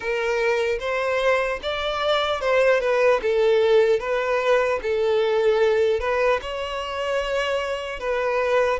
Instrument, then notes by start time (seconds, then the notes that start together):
violin
0.00 A#4
0.79 C5
1.62 D5
2.40 C5
2.80 B4
3.21 A4
3.99 B4
4.82 A4
6.00 B4
6.41 C#5
7.99 B4